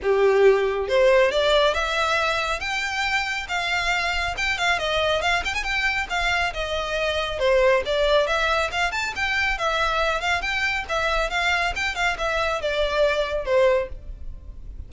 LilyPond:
\new Staff \with { instrumentName = "violin" } { \time 4/4 \tempo 4 = 138 g'2 c''4 d''4 | e''2 g''2 | f''2 g''8 f''8 dis''4 | f''8 g''16 gis''16 g''4 f''4 dis''4~ |
dis''4 c''4 d''4 e''4 | f''8 a''8 g''4 e''4. f''8 | g''4 e''4 f''4 g''8 f''8 | e''4 d''2 c''4 | }